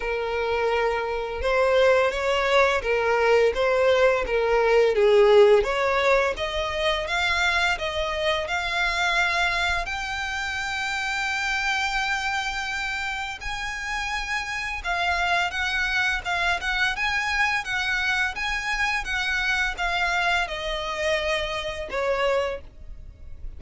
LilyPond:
\new Staff \with { instrumentName = "violin" } { \time 4/4 \tempo 4 = 85 ais'2 c''4 cis''4 | ais'4 c''4 ais'4 gis'4 | cis''4 dis''4 f''4 dis''4 | f''2 g''2~ |
g''2. gis''4~ | gis''4 f''4 fis''4 f''8 fis''8 | gis''4 fis''4 gis''4 fis''4 | f''4 dis''2 cis''4 | }